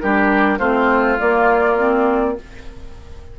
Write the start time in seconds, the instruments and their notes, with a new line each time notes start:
0.00 bassoon G3, clarinet D4, oboe G4, flute A#4
0.59 bassoon A3, clarinet C4, oboe F4, flute C5
1.19 clarinet A#3, bassoon A#3, flute D5
1.77 clarinet C4